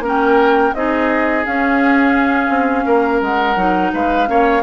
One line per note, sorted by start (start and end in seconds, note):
0.00 0.71 A#3
0.00 0.74 C#4
0.00 0.74 A#4
0.08 0.74 G5
0.74 1.45 C4
0.74 1.45 D#4
0.74 2.86 G#4
0.74 1.45 D#5
1.45 3.57 C#4
1.45 2.49 C#4
1.45 3.22 F5
2.49 2.84 C4
2.86 3.21 A#3
2.86 3.91 A#4
3.21 3.56 G#3
3.21 3.93 F#5
3.56 3.91 F#3
3.56 4.27 D#4
3.93 4.29 G#3
3.93 4.29 B4
3.93 4.63 F5
4.27 4.63 A#3
4.27 4.62 C#4
4.27 4.63 C#5